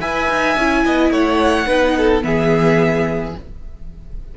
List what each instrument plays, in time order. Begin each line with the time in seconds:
0.00 cello E4, viola B4, violin E5 G#5
0.30 cello D#4
0.57 cello C#4, viola E4
0.85 cello B3, violin D#5
1.11 cello A3, violin C#5 F#5
1.67 cello B3, viola D#4, violin B4
1.97 violin A4
2.22 cello E3, viola B3, violin G#4 E5